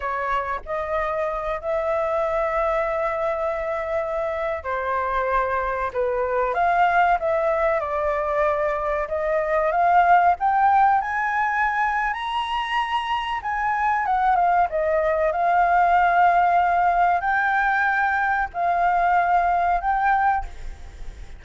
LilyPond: \new Staff \with { instrumentName = "flute" } { \time 4/4 \tempo 4 = 94 cis''4 dis''4. e''4.~ | e''2.~ e''16 c''8.~ | c''4~ c''16 b'4 f''4 e''8.~ | e''16 d''2 dis''4 f''8.~ |
f''16 g''4 gis''4.~ gis''16 ais''4~ | ais''4 gis''4 fis''8 f''8 dis''4 | f''2. g''4~ | g''4 f''2 g''4 | }